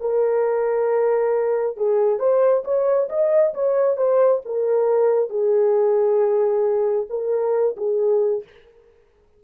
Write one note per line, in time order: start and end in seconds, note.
0.00 1.77 A#4
1.77 2.19 G#4
2.19 2.63 C5
2.64 3.08 C#5
3.09 3.53 D#5
3.54 3.97 C#5
3.97 4.41 C5
4.45 5.29 A#4
5.29 7.07 G#4
7.09 7.76 A#4
7.77 8.43 G#4